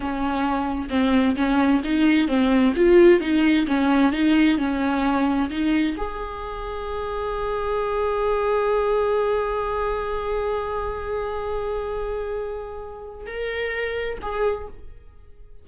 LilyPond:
\new Staff \with { instrumentName = "viola" } { \time 4/4 \tempo 4 = 131 cis'2 c'4 cis'4 | dis'4 c'4 f'4 dis'4 | cis'4 dis'4 cis'2 | dis'4 gis'2.~ |
gis'1~ | gis'1~ | gis'1~ | gis'4 ais'2 gis'4 | }